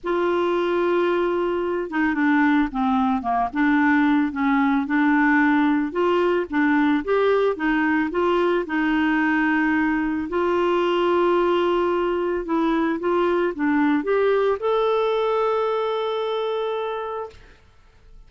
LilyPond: \new Staff \with { instrumentName = "clarinet" } { \time 4/4 \tempo 4 = 111 f'2.~ f'8 dis'8 | d'4 c'4 ais8 d'4. | cis'4 d'2 f'4 | d'4 g'4 dis'4 f'4 |
dis'2. f'4~ | f'2. e'4 | f'4 d'4 g'4 a'4~ | a'1 | }